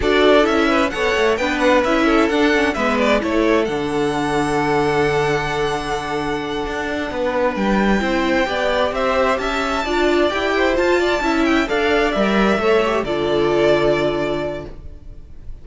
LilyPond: <<
  \new Staff \with { instrumentName = "violin" } { \time 4/4 \tempo 4 = 131 d''4 e''4 fis''4 g''8 fis''8 | e''4 fis''4 e''8 d''8 cis''4 | fis''1~ | fis''1~ |
fis''8 g''2. e''8~ | e''8 a''2 g''4 a''8~ | a''4 g''8 f''4 e''4.~ | e''8 d''2.~ d''8 | }
  \new Staff \with { instrumentName = "violin" } { \time 4/4 a'4. b'8 cis''4 b'4~ | b'8 a'4. b'4 a'4~ | a'1~ | a'2.~ a'8 b'8~ |
b'4. c''4 d''4 c''8~ | c''8 e''4 d''4. c''4 | d''8 e''4 d''2 cis''8~ | cis''8 a'2.~ a'8 | }
  \new Staff \with { instrumentName = "viola" } { \time 4/4 fis'4 e'4 a'4 d'4 | e'4 d'8 cis'8 b4 e'4 | d'1~ | d'1~ |
d'4. e'4 g'4.~ | g'4. f'4 g'4 f'8~ | f'8 e'4 a'4 ais'4 a'8 | g'8 f'2.~ f'8 | }
  \new Staff \with { instrumentName = "cello" } { \time 4/4 d'4 cis'4 b8 a8 b4 | cis'4 d'4 gis4 a4 | d1~ | d2~ d8 d'4 b8~ |
b8 g4 c'4 b4 c'8~ | c'8 cis'4 d'4 e'4 f'8~ | f'8 cis'4 d'4 g4 a8~ | a8 d2.~ d8 | }
>>